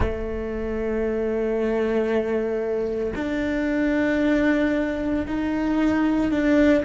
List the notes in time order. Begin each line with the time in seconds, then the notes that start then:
0.00 A3
3.15 D4
5.26 D#4
6.31 D4